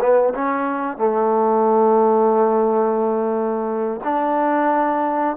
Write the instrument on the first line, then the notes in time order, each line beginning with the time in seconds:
trombone
0.00 B3
0.34 C#4
0.97 A3
4.04 D4